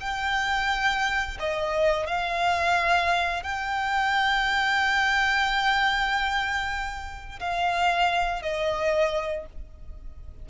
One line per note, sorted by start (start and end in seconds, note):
0.00 1.38 G5
1.39 2.07 D#5
2.07 3.43 F5
3.43 7.39 G5
7.40 8.42 F5
8.42 9.46 D#5